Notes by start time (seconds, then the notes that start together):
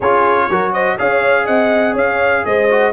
0.00 C#4 F4 G#4 C#5
0.49 F#3 F#4 A#4
0.73 C5 D#5
0.98 C#4 G#4 C#5 F5
1.45 C4 D#5 F#5
1.93 C#4 C#5 F5
2.45 G#3 C5 D#5
2.69 F#4